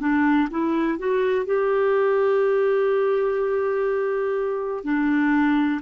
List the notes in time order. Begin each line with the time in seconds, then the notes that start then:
0.00 D4
0.50 E4
0.98 F#4
1.46 G4
4.84 D4